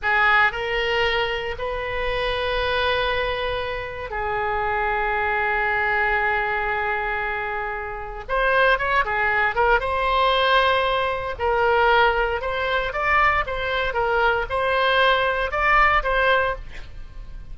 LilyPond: \new Staff \with { instrumentName = "oboe" } { \time 4/4 \tempo 4 = 116 gis'4 ais'2 b'4~ | b'1 | gis'1~ | gis'1 |
c''4 cis''8 gis'4 ais'8 c''4~ | c''2 ais'2 | c''4 d''4 c''4 ais'4 | c''2 d''4 c''4 | }